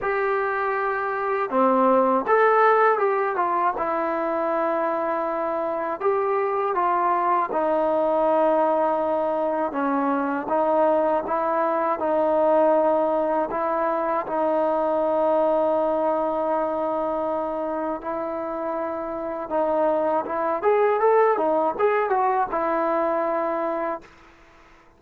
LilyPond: \new Staff \with { instrumentName = "trombone" } { \time 4/4 \tempo 4 = 80 g'2 c'4 a'4 | g'8 f'8 e'2. | g'4 f'4 dis'2~ | dis'4 cis'4 dis'4 e'4 |
dis'2 e'4 dis'4~ | dis'1 | e'2 dis'4 e'8 gis'8 | a'8 dis'8 gis'8 fis'8 e'2 | }